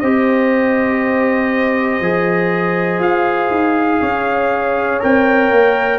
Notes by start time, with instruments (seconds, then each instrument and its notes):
0.00 tuba C4, trombone G4, horn C5, trumpet D#5
2.00 tuba F3, trombone G#4
2.99 tuba F4, trumpet F5
3.50 tuba D#4
4.00 tuba C#4, horn C#5
5.00 tuba C4, trombone A#4, trumpet G5
5.51 tuba A#3